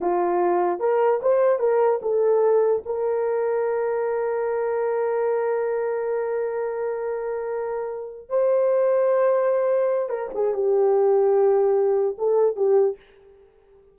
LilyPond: \new Staff \with { instrumentName = "horn" } { \time 4/4 \tempo 4 = 148 f'2 ais'4 c''4 | ais'4 a'2 ais'4~ | ais'1~ | ais'1~ |
ais'1~ | ais'8 c''2.~ c''8~ | c''4 ais'8 gis'8 g'2~ | g'2 a'4 g'4 | }